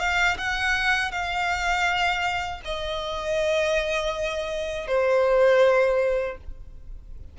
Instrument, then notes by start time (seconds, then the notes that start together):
violin
0.00 F5
0.38 F#5
1.12 F5
2.65 D#5
4.88 C5